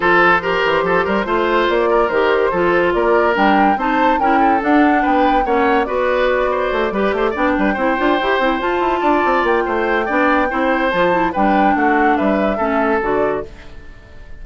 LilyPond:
<<
  \new Staff \with { instrumentName = "flute" } { \time 4/4 \tempo 4 = 143 c''1 | d''4 c''2 d''4 | g''4 a''4 g''4 fis''4 | g''4 fis''4 d''2~ |
d''4. g''2~ g''8~ | g''8 a''2 g''4.~ | g''2 a''4 g''4 | fis''4 e''2 d''4 | }
  \new Staff \with { instrumentName = "oboe" } { \time 4/4 a'4 ais'4 a'8 ais'8 c''4~ | c''8 ais'4. a'4 ais'4~ | ais'4 c''4 ais'8 a'4. | b'4 cis''4 b'4. c''8~ |
c''8 b'8 c''8 d''8 b'8 c''4.~ | c''4. d''4. c''4 | d''4 c''2 b'4 | fis'4 b'4 a'2 | }
  \new Staff \with { instrumentName = "clarinet" } { \time 4/4 f'4 g'2 f'4~ | f'4 g'4 f'2 | d'4 dis'4 e'4 d'4~ | d'4 cis'4 fis'2~ |
fis'8 g'4 d'4 e'8 f'8 g'8 | e'8 f'2.~ f'8 | d'4 e'4 f'8 e'8 d'4~ | d'2 cis'4 fis'4 | }
  \new Staff \with { instrumentName = "bassoon" } { \time 4/4 f4. e8 f8 g8 a4 | ais4 dis4 f4 ais4 | g4 c'4 cis'4 d'4 | b4 ais4 b2 |
a8 g8 a8 b8 g8 c'8 d'8 e'8 | c'8 f'8 e'8 d'8 c'8 ais8 a4 | b4 c'4 f4 g4 | a4 g4 a4 d4 | }
>>